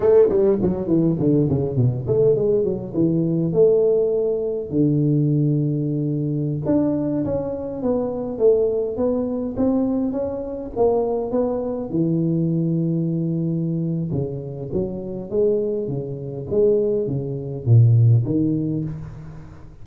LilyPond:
\new Staff \with { instrumentName = "tuba" } { \time 4/4 \tempo 4 = 102 a8 g8 fis8 e8 d8 cis8 b,8 a8 | gis8 fis8 e4 a2 | d2.~ d16 d'8.~ | d'16 cis'4 b4 a4 b8.~ |
b16 c'4 cis'4 ais4 b8.~ | b16 e2.~ e8. | cis4 fis4 gis4 cis4 | gis4 cis4 ais,4 dis4 | }